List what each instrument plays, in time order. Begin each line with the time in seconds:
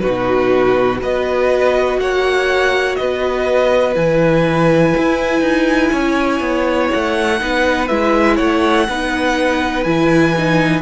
0.00 cello B2, viola D#4, violin F#4 B4
0.99 cello B3, viola F#4, violin B4 D#5
1.98 cello A#3, violin C#5 F#5
2.96 cello B3, violin B4 D#5
3.94 cello E3, viola E4, violin G#5
4.97 cello E4
5.41 cello D#4
5.92 cello C#4, violin C#5
6.40 cello B3
6.91 cello A3, violin F#5
7.39 cello B3, viola D#4, violin B4
7.88 cello G#3, viola E4, violin E5
8.36 cello A3, violin C#5 F#5
8.88 cello B3, viola D#4, violin B4
9.84 cello E3, viola E4, violin G#5
10.37 viola D#4